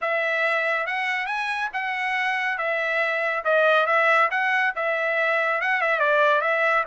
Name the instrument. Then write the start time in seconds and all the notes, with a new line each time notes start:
trumpet
0.01 E5
0.86 F#5
1.26 G#5
1.73 F#5
2.57 E5
3.44 D#5
3.86 E5
4.30 F#5
4.75 E5
5.61 F#5
5.81 E5
5.99 D5
6.41 E5